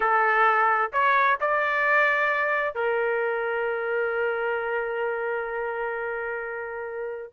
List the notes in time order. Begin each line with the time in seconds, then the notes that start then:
0.00 A4
0.92 C#5
1.40 D5
2.74 A#4